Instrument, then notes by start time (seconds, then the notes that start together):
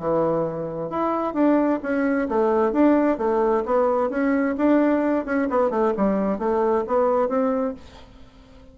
bassoon
0.00 E3
0.90 E4
1.34 D4
1.83 C#4
2.29 A3
2.73 D4
3.19 A3
3.66 B3
4.10 C#4
4.58 D4
5.26 C#4
5.50 B3
5.71 A3
5.97 G3
6.39 A3
6.88 B3
7.29 C4